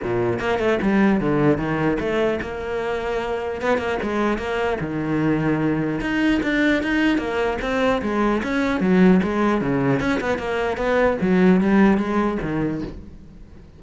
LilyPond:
\new Staff \with { instrumentName = "cello" } { \time 4/4 \tempo 4 = 150 ais,4 ais8 a8 g4 d4 | dis4 a4 ais2~ | ais4 b8 ais8 gis4 ais4 | dis2. dis'4 |
d'4 dis'4 ais4 c'4 | gis4 cis'4 fis4 gis4 | cis4 cis'8 b8 ais4 b4 | fis4 g4 gis4 dis4 | }